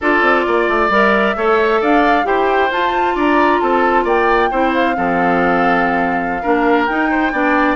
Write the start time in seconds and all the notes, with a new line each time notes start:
0.00 D4 F4 A4 D5
0.21 C4
0.47 A#3 D5
0.69 A3
0.89 G3 A#4 E5
1.36 A3 A4 C#5
1.80 D4 D5 F5
2.23 E4 G4 C5 G5
2.70 F4 A5
3.15 D4 D5 A#5
3.60 C4 A4 A5
4.04 A#3 D5 G5
4.50 C4 E4 C5
4.73 F5
4.94 F3 C4 A4
6.42 A#3 D4 A#4
6.85 D#4 G5
7.10 C5
7.32 B3 D4 D5